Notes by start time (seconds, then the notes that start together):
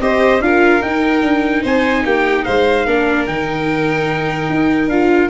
0.00 C4 G4 C5 D#5
0.40 D4 F4 A#4 F5
0.82 D#4 G5
1.22 D4
1.63 C4 C5 G#5
2.05 A#3 G4 G5
2.45 G#3 C5 F5
2.86 A#3 D4 A#4
3.27 D#3 D#4 G5
4.50 D#4
4.88 D4 F4 F5